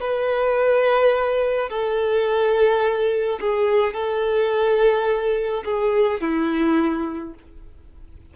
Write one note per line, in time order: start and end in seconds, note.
0.00 1.69 B4
1.69 3.39 A4
3.40 3.94 G#4
3.94 5.63 A4
5.65 6.21 G#4
6.21 7.34 E4